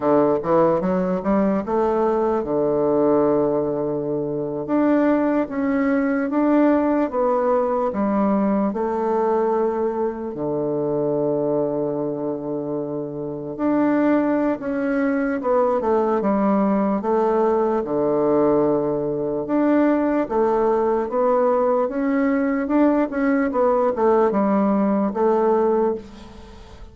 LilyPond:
\new Staff \with { instrumentName = "bassoon" } { \time 4/4 \tempo 4 = 74 d8 e8 fis8 g8 a4 d4~ | d4.~ d16 d'4 cis'4 d'16~ | d'8. b4 g4 a4~ a16~ | a8. d2.~ d16~ |
d8. d'4~ d'16 cis'4 b8 a8 | g4 a4 d2 | d'4 a4 b4 cis'4 | d'8 cis'8 b8 a8 g4 a4 | }